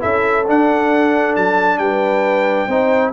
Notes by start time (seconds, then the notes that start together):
0.00 C#4 E4 A4 E5
0.47 D4 F#5
1.36 F#3 A5
1.78 G3 B4 G5
2.68 C4 D#4 C5